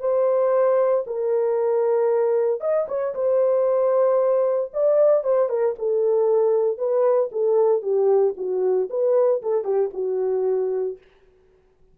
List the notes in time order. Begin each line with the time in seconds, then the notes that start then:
0.00 C5
1.07 A#4
2.61 D#5
2.88 C#5
3.14 C5
4.73 D5
5.24 C5
5.49 A#4
5.79 A4
6.78 B4
7.32 A4
7.82 G4
8.37 F#4
8.90 B4
9.42 A4
9.64 G4
9.93 F#4